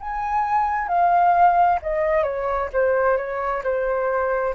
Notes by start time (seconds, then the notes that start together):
0.00 G#5
0.88 F5
1.82 D#5
2.24 C#5
2.73 C5
3.17 C#5
3.64 C5